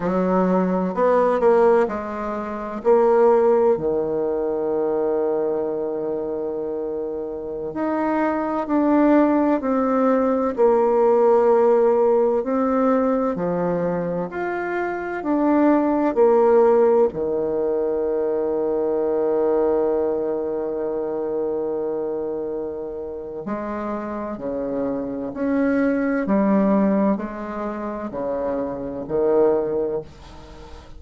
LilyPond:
\new Staff \with { instrumentName = "bassoon" } { \time 4/4 \tempo 4 = 64 fis4 b8 ais8 gis4 ais4 | dis1~ | dis16 dis'4 d'4 c'4 ais8.~ | ais4~ ais16 c'4 f4 f'8.~ |
f'16 d'4 ais4 dis4.~ dis16~ | dis1~ | dis4 gis4 cis4 cis'4 | g4 gis4 cis4 dis4 | }